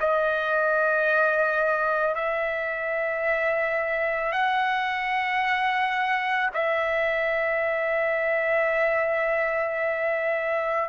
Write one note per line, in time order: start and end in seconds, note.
0.00 2.15 D#5
2.15 4.31 E5
4.31 6.50 F#5
6.53 10.88 E5